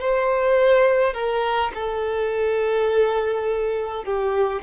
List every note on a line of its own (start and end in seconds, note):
0.00 1.14 C5
1.14 1.72 A#4
1.75 4.04 A4
4.04 4.62 G4